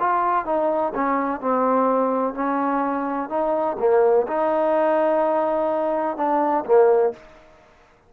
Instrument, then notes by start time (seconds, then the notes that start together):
trombone
0.00 F4
0.46 D#4
0.95 C#4
1.41 C4
2.35 C#4
3.30 D#4
3.79 A#3
4.27 D#4
6.17 D4
6.66 A#3